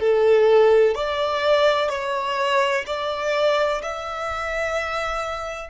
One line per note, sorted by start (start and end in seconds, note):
0.00 0.95 A4
0.95 1.89 D5
1.89 2.84 C#5
2.87 3.82 D5
3.82 5.70 E5